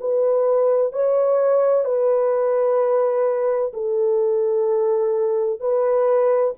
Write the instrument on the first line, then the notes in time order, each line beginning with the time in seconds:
horn
0.00 B4
0.92 C#5
1.84 B4
3.73 A4
5.60 B4